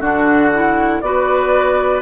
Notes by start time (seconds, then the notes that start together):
0.00 D3 D4 F#4 F#5
0.53 E4
1.01 B3 F#4 B4 D5